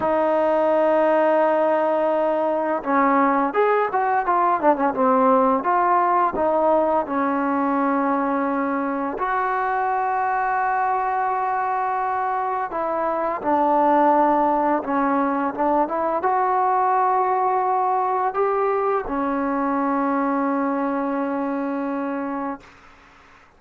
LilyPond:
\new Staff \with { instrumentName = "trombone" } { \time 4/4 \tempo 4 = 85 dis'1 | cis'4 gis'8 fis'8 f'8 d'16 cis'16 c'4 | f'4 dis'4 cis'2~ | cis'4 fis'2.~ |
fis'2 e'4 d'4~ | d'4 cis'4 d'8 e'8 fis'4~ | fis'2 g'4 cis'4~ | cis'1 | }